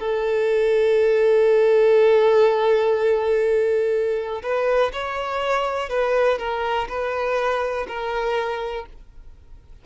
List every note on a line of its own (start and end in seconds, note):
0.00 4.43 A4
4.43 4.92 B4
4.93 5.90 C#5
5.90 6.39 B4
6.39 6.88 A#4
6.89 7.87 B4
7.88 8.86 A#4